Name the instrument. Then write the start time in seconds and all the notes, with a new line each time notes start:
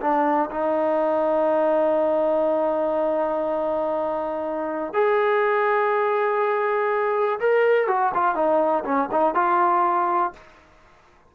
trombone
0.00 D4
0.51 D#4
4.93 G#4
7.39 A#4
7.87 F#4
8.14 F4
8.35 D#4
8.84 C#4
9.11 D#4
9.34 F4